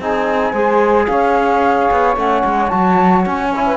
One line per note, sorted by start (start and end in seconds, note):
0.00 0.53 C4
0.00 0.55 D#4
0.00 0.52 G#4
0.00 1.08 G#5
0.52 1.08 G#3
0.52 2.17 G#4
0.52 1.06 C5
1.08 1.90 C#4
1.08 3.67 C#5
1.08 2.16 F5
1.92 2.17 B3
2.17 2.44 A3
2.17 2.70 C#4
2.17 2.69 F#5
2.45 2.72 G#3
2.69 3.26 F#3
2.69 3.51 F#4
2.69 3.23 A5
3.26 3.78 C#4
3.26 3.78 G#5
3.56 3.78 E4
3.67 3.78 B4